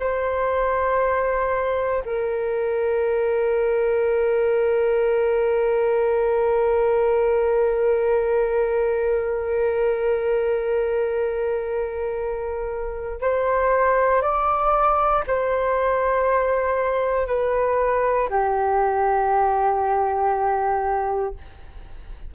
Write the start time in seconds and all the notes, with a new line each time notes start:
0.00 C5
2.05 A#4
13.21 C5
14.22 D5
15.27 C5
17.27 B4
18.30 G4